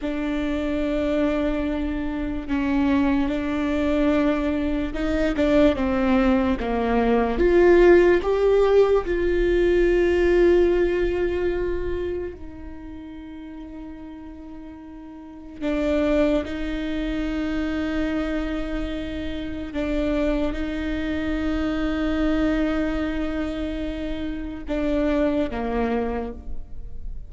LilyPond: \new Staff \with { instrumentName = "viola" } { \time 4/4 \tempo 4 = 73 d'2. cis'4 | d'2 dis'8 d'8 c'4 | ais4 f'4 g'4 f'4~ | f'2. dis'4~ |
dis'2. d'4 | dis'1 | d'4 dis'2.~ | dis'2 d'4 ais4 | }